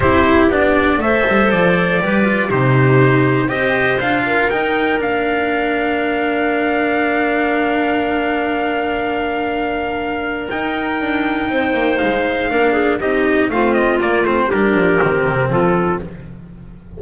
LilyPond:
<<
  \new Staff \with { instrumentName = "trumpet" } { \time 4/4 \tempo 4 = 120 c''4 d''4 e''4 d''4~ | d''4 c''2 dis''4 | f''4 g''4 f''2~ | f''1~ |
f''1~ | f''4 g''2. | f''2 dis''4 f''8 dis''8 | d''8 c''8 ais'2 a'4 | }
  \new Staff \with { instrumentName = "clarinet" } { \time 4/4 g'2 c''2 | b'4 g'2 c''4~ | c''8 ais'2.~ ais'8~ | ais'1~ |
ais'1~ | ais'2. c''4~ | c''4 ais'8 gis'8 g'4 f'4~ | f'4 g'2 f'4 | }
  \new Staff \with { instrumentName = "cello" } { \time 4/4 e'4 d'4 a'2 | g'8 f'8 dis'2 g'4 | f'4 dis'4 d'2~ | d'1~ |
d'1~ | d'4 dis'2.~ | dis'4 d'4 dis'4 c'4 | ais8 c'8 d'4 c'2 | }
  \new Staff \with { instrumentName = "double bass" } { \time 4/4 c'4 b4 a8 g8 f4 | g4 c2 c'4 | d'4 dis'4 ais2~ | ais1~ |
ais1~ | ais4 dis'4 d'4 c'8 ais8 | gis4 ais4 c'4 a4 | ais8 a8 g8 f8 dis8 c8 f4 | }
>>